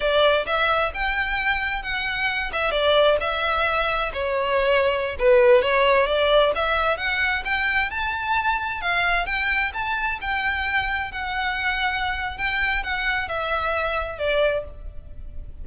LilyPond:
\new Staff \with { instrumentName = "violin" } { \time 4/4 \tempo 4 = 131 d''4 e''4 g''2 | fis''4. e''8 d''4 e''4~ | e''4 cis''2~ cis''16 b'8.~ | b'16 cis''4 d''4 e''4 fis''8.~ |
fis''16 g''4 a''2 f''8.~ | f''16 g''4 a''4 g''4.~ g''16~ | g''16 fis''2~ fis''8. g''4 | fis''4 e''2 d''4 | }